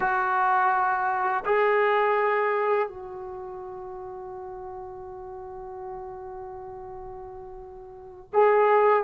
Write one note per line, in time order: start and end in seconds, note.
0.00 1.44 F#4
1.45 2.88 G#4
2.88 8.30 F#4
8.33 9.03 G#4